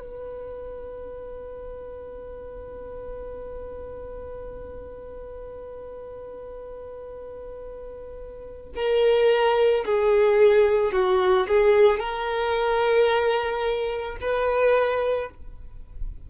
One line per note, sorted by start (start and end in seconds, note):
0.00 8.73 B4
8.76 9.85 A#4
9.86 10.93 G#4
10.93 11.47 F#4
11.48 12.00 G#4
12.00 14.18 A#4
14.21 15.30 B4